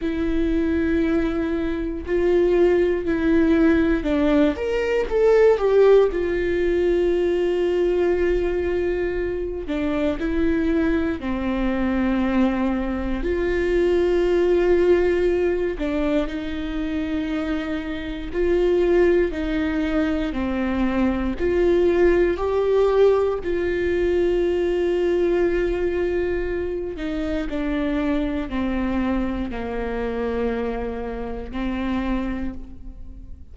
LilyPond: \new Staff \with { instrumentName = "viola" } { \time 4/4 \tempo 4 = 59 e'2 f'4 e'4 | d'8 ais'8 a'8 g'8 f'2~ | f'4. d'8 e'4 c'4~ | c'4 f'2~ f'8 d'8 |
dis'2 f'4 dis'4 | c'4 f'4 g'4 f'4~ | f'2~ f'8 dis'8 d'4 | c'4 ais2 c'4 | }